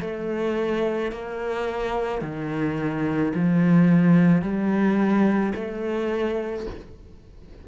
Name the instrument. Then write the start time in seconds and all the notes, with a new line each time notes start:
cello
0.00 A3
1.12 A#3
2.21 D#3
3.34 F3
4.41 G3
5.55 A3